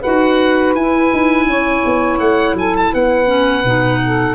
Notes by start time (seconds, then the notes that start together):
0.00 D#4 F#4 B4 F#5
0.74 E4 G#5
1.12 D#4
1.46 C#4 C#5
1.85 B3
2.19 A3 F#5
2.53 F#3 A4 G#5
2.76 A5
2.92 B3 B4 F#5
3.26 C#4
3.63 B2 D#4
4.04 A4